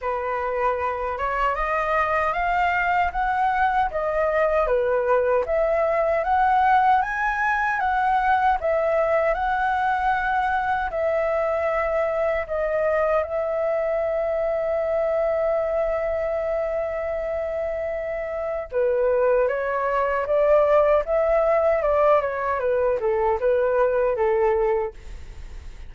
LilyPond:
\new Staff \with { instrumentName = "flute" } { \time 4/4 \tempo 4 = 77 b'4. cis''8 dis''4 f''4 | fis''4 dis''4 b'4 e''4 | fis''4 gis''4 fis''4 e''4 | fis''2 e''2 |
dis''4 e''2.~ | e''1 | b'4 cis''4 d''4 e''4 | d''8 cis''8 b'8 a'8 b'4 a'4 | }